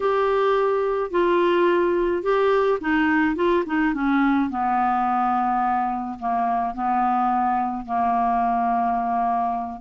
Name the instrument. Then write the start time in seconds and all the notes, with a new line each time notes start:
clarinet
0.00 G4
1.10 F4
2.22 G4
2.80 D#4
3.35 F4
3.66 D#4
3.94 C#4
4.50 B3
6.19 A#3
6.74 B3
7.85 A#3